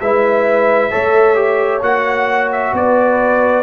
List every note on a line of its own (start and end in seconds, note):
0.00 0.91 G#3
0.00 0.91 E4
0.00 0.91 B4
0.00 1.82 E5
0.91 1.82 A3
0.91 1.35 A4
0.91 2.73 C#5
1.35 1.81 G4
1.82 2.73 A#3
1.82 3.63 F#4
1.82 2.51 F#5
2.52 2.75 E5
2.73 3.63 B3
2.73 3.63 B4
2.73 3.63 D5